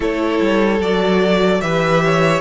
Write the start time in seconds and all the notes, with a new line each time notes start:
0.00 A3 E4 A4 C#5
0.40 G3
0.80 F#3 F#4 D5
1.61 E3 G4 B4 E5
2.04 C#5